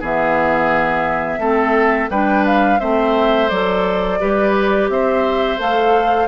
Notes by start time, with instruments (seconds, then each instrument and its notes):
0.00 bassoon E3, clarinet B3, oboe G#4, flute E5
1.38 bassoon A3, clarinet C4, oboe A4
2.10 bassoon G3, clarinet D4, oboe B4, flute G5
2.46 flute F5
2.79 bassoon A3, clarinet C4, oboe C5, flute E5
3.49 bassoon F#3, clarinet A4, flute D5
4.19 bassoon G3, clarinet G4, oboe B4
4.89 bassoon C4, oboe C5, flute E5
5.58 bassoon A3, clarinet A4, flute F5